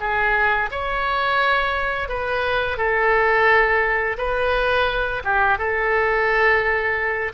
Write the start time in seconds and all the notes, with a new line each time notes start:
0.00 G#4
0.71 C#5
2.09 B4
2.77 A4
4.18 B4
5.24 G4
5.58 A4